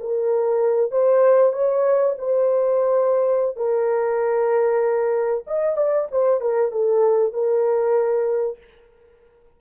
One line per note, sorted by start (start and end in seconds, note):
0.00 0.91 A#4
0.91 1.53 C5
1.53 2.15 C#5
2.18 3.56 C5
3.56 5.44 A#4
5.47 5.76 D#5
5.76 6.08 D5
6.11 6.41 C5
6.41 6.71 A#4
6.71 7.33 A4
7.33 8.58 A#4